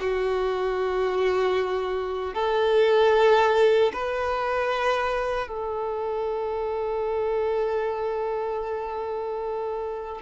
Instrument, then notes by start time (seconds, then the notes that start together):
violin
0.00 F#4
2.34 A4
3.93 B4
5.48 A4